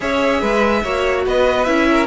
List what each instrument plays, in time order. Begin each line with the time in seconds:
0.00 cello C#4, viola G#4, violin C#5 E5
0.40 cello G#3, violin B4
0.82 cello A#3, viola F#4, violin C#5
1.26 cello B3, violin B4 D#5
1.64 cello C#4, viola E4, violin E5
1.90 violin A#4